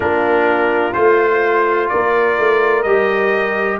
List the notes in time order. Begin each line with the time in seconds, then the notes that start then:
0.00 A#3 D4 F4 A#4
0.93 A3 F4 C5
1.88 A#3 A#4 D5
2.38 A3
2.82 G3 G4 D#5